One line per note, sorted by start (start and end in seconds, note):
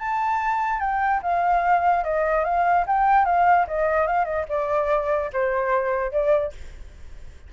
0.00 0.81 A5
0.81 1.22 G5
1.23 2.04 F5
2.04 2.45 D#5
2.45 2.86 F5
2.87 3.26 G5
3.26 3.67 F5
3.68 4.07 D#5
4.07 4.26 F5
4.26 4.46 D#5
4.49 5.31 D5
5.33 6.12 C5
6.12 6.53 D5